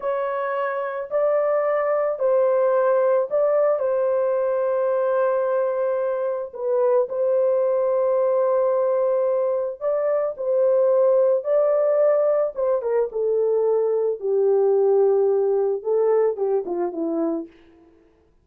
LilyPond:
\new Staff \with { instrumentName = "horn" } { \time 4/4 \tempo 4 = 110 cis''2 d''2 | c''2 d''4 c''4~ | c''1 | b'4 c''2.~ |
c''2 d''4 c''4~ | c''4 d''2 c''8 ais'8 | a'2 g'2~ | g'4 a'4 g'8 f'8 e'4 | }